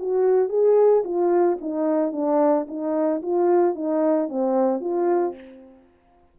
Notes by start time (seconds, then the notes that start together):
0.00 F#4
0.50 G#4
1.05 F4
1.61 D#4
2.13 D4
2.68 D#4
3.23 F4
3.75 D#4
4.29 C4
4.81 F4